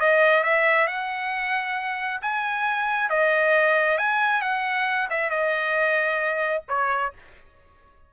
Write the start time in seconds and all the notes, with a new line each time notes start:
0.00 D#5
0.44 E5
0.87 F#5
2.21 G#5
3.10 D#5
3.98 G#5
4.42 F#5
5.10 E5
5.30 D#5
6.68 C#5